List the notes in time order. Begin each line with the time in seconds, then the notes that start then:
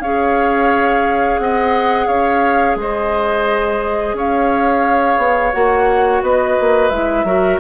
0.00 C#4 G#4 C#5 F5
1.38 C4 D#5 F#5
2.07 C#4 C#5 F5
2.76 G#3 C5 D#5
4.13 C#4 C#5 F5
5.17 B3
5.53 A#3 F#4 F#5
6.22 B3 B4 D#5
6.60 A#3
6.90 G#3 E4 E5
7.24 F#3 F#4 A#4